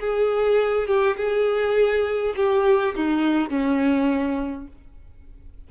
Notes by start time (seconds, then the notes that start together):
0.00 G#4
0.88 G4
1.17 G#4
2.36 G4
2.96 D#4
3.50 C#4